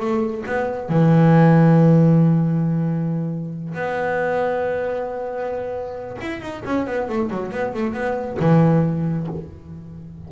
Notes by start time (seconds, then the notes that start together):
0.00 A3
0.47 B3
0.89 E3
3.75 B3
6.21 E4
6.41 D#4
6.65 C#4
6.87 B3
7.09 A3
7.30 F#3
7.52 B3
7.74 A3
7.94 B3
8.39 E3